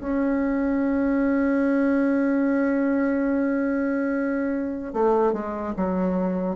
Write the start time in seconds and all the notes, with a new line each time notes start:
0.00 C#4
4.93 A3
5.33 G#3
5.76 F#3